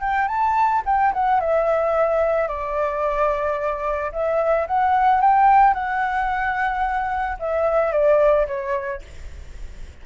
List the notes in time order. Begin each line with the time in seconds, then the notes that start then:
0.00 G5
0.27 A5
0.85 G5
1.13 F#5
1.40 E5
2.48 D5
4.12 E5
4.67 F#5
5.20 G5
5.73 F#5
7.39 E5
7.92 D5
8.47 C#5